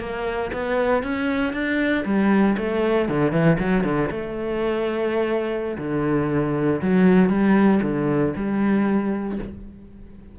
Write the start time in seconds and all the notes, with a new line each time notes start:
0.00 A#3
0.54 B3
1.03 C#4
1.54 D4
2.05 G3
2.58 A3
3.09 D3
3.32 E3
3.59 F#3
3.84 D3
4.11 A3
5.79 D3
6.82 F#3
7.30 G3
7.83 D3
8.37 G3